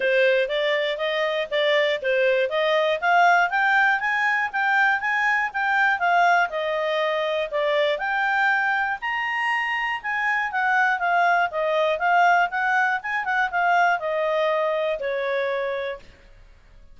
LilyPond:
\new Staff \with { instrumentName = "clarinet" } { \time 4/4 \tempo 4 = 120 c''4 d''4 dis''4 d''4 | c''4 dis''4 f''4 g''4 | gis''4 g''4 gis''4 g''4 | f''4 dis''2 d''4 |
g''2 ais''2 | gis''4 fis''4 f''4 dis''4 | f''4 fis''4 gis''8 fis''8 f''4 | dis''2 cis''2 | }